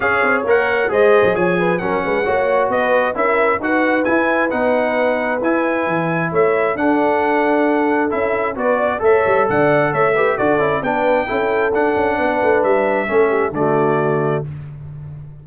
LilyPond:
<<
  \new Staff \with { instrumentName = "trumpet" } { \time 4/4 \tempo 4 = 133 f''4 fis''4 dis''4 gis''4 | fis''2 dis''4 e''4 | fis''4 gis''4 fis''2 | gis''2 e''4 fis''4~ |
fis''2 e''4 d''4 | e''4 fis''4 e''4 d''4 | g''2 fis''2 | e''2 d''2 | }
  \new Staff \with { instrumentName = "horn" } { \time 4/4 cis''2 c''4 cis''8 b'8 | ais'8 b'8 cis''4 b'4 ais'4 | b'1~ | b'2 cis''4 a'4~ |
a'2. b'8 d''8 | cis''4 d''4 cis''8 b'8 a'4 | b'4 a'2 b'4~ | b'4 a'8 g'8 fis'2 | }
  \new Staff \with { instrumentName = "trombone" } { \time 4/4 gis'4 ais'4 gis'2 | cis'4 fis'2 e'4 | fis'4 e'4 dis'2 | e'2. d'4~ |
d'2 e'4 fis'4 | a'2~ a'8 g'8 fis'8 e'8 | d'4 e'4 d'2~ | d'4 cis'4 a2 | }
  \new Staff \with { instrumentName = "tuba" } { \time 4/4 cis'8 c'8 ais4 gis8. fis16 f4 | fis8 gis8 ais4 b4 cis'4 | dis'4 e'4 b2 | e'4 e4 a4 d'4~ |
d'2 cis'4 b4 | a8 g8 d4 a4 d'8 cis'8 | b4 cis'4 d'8 cis'8 b8 a8 | g4 a4 d2 | }
>>